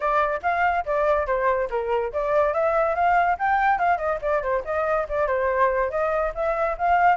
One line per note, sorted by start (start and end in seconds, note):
0.00 0.41 D5
0.42 0.84 F5
0.85 1.26 D5
1.26 1.69 C5
1.70 2.12 A#4
2.12 2.53 D5
2.53 2.95 E5
2.95 3.37 F5
3.39 3.78 G5
3.78 3.97 F5
3.97 4.19 D#5
4.21 4.42 D5
4.42 4.63 C5
4.64 5.07 D#5
5.09 5.27 D5
5.27 5.90 C5
5.90 6.32 D#5
6.34 6.77 E5
6.78 7.16 F5